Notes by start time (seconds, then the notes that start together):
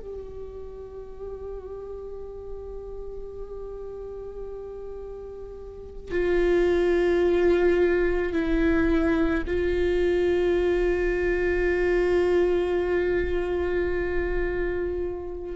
0.00 G4
6.11 F4
8.32 E4
9.46 F4